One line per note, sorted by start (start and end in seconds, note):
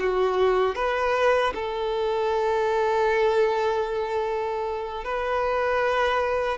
0.00 0.76 F#4
0.76 1.54 B4
1.55 5.05 A4
5.05 6.58 B4